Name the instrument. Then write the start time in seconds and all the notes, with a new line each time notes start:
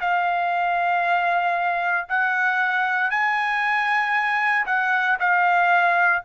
trumpet
0.00 F5
2.08 F#5
3.10 G#5
4.66 F#5
5.19 F5